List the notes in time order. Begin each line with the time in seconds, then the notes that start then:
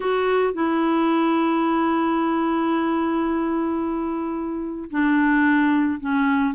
0.00 F#4
0.53 E4
4.90 D4
6.00 C#4